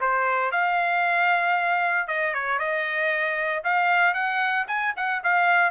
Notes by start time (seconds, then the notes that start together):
0.00 C5
0.51 F5
2.07 D#5
2.34 C#5
2.58 D#5
3.64 F5
4.14 F#5
4.67 G#5
4.96 F#5
5.23 F5